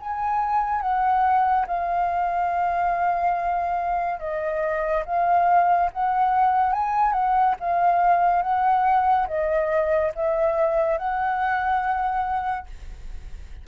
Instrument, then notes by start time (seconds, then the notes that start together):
flute
0.00 G#5
0.82 F#5
1.67 F5
4.20 D#5
5.06 F5
5.93 F#5
6.73 G#5
7.13 F#5
7.60 F5
8.43 F#5
9.28 D#5
10.16 E5
10.98 F#5